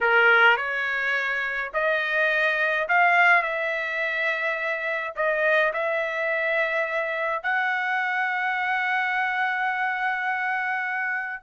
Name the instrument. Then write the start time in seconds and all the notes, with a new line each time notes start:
trumpet
0.01 A#4
0.57 C#5
1.73 D#5
2.88 F5
3.42 E5
5.15 D#5
5.73 E5
7.42 F#5